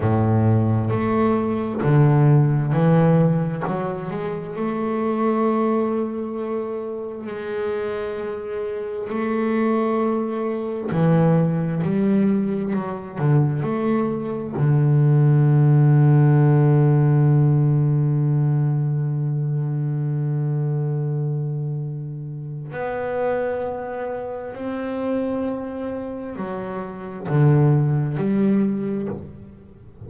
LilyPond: \new Staff \with { instrumentName = "double bass" } { \time 4/4 \tempo 4 = 66 a,4 a4 d4 e4 | fis8 gis8 a2. | gis2 a2 | e4 g4 fis8 d8 a4 |
d1~ | d1~ | d4 b2 c'4~ | c'4 fis4 d4 g4 | }